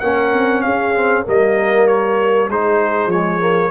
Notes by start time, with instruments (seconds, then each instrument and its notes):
0.00 tuba A#3, trombone C#4, horn A#4, trumpet F#5
0.33 tuba C4
0.61 tuba C#4, horn G#4, trumpet F5
0.95 trombone C4
1.23 tuba G3, trombone A#3, horn A#4, trumpet D#5
1.87 trumpet C#5
2.48 tuba G#3, trombone D#4, horn G#4, trumpet C5
3.06 tuba F3, trombone G#3, trumpet C#5
3.39 trombone A#3